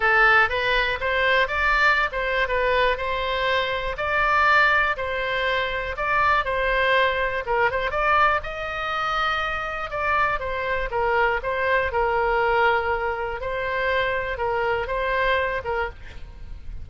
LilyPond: \new Staff \with { instrumentName = "oboe" } { \time 4/4 \tempo 4 = 121 a'4 b'4 c''4 d''4~ | d''16 c''8. b'4 c''2 | d''2 c''2 | d''4 c''2 ais'8 c''8 |
d''4 dis''2. | d''4 c''4 ais'4 c''4 | ais'2. c''4~ | c''4 ais'4 c''4. ais'8 | }